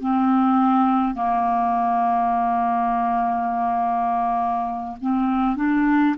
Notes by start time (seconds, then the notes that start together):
0.00 C4
1.14 A#3
5.01 C4
5.56 D4